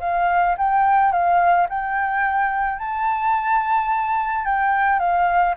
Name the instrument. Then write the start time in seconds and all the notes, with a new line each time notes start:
flute
0.00 F5
0.58 G5
1.12 F5
1.69 G5
2.79 A5
4.45 G5
4.99 F5